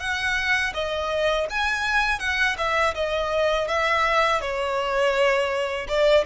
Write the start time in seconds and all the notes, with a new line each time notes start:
0.00 F#5
0.74 D#5
1.50 G#5
2.20 F#5
2.58 E5
2.95 D#5
3.68 E5
4.41 C#5
5.88 D5